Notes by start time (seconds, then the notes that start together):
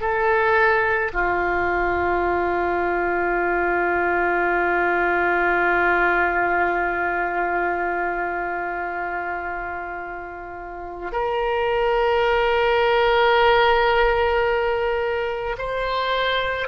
0.00 A4
1.13 F4
11.12 A#4
15.58 C5